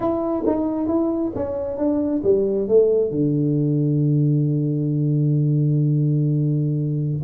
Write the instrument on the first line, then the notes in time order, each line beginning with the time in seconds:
tuba
0.00 E4
0.46 D#4
0.87 E4
1.35 C#4
1.77 D4
2.23 G3
2.67 A3
3.11 D3